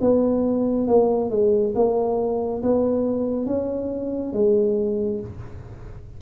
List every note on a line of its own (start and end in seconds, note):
0.00 0.87 B3
0.87 1.30 A#3
1.30 1.74 G#3
1.75 2.62 A#3
2.62 3.46 B3
3.46 4.33 C#4
4.33 5.20 G#3